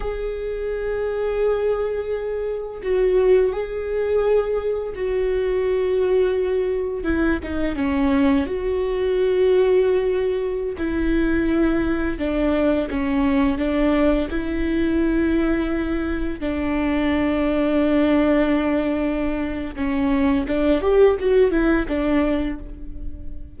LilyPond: \new Staff \with { instrumentName = "viola" } { \time 4/4 \tempo 4 = 85 gis'1 | fis'4 gis'2 fis'4~ | fis'2 e'8 dis'8 cis'4 | fis'2.~ fis'16 e'8.~ |
e'4~ e'16 d'4 cis'4 d'8.~ | d'16 e'2. d'8.~ | d'1 | cis'4 d'8 g'8 fis'8 e'8 d'4 | }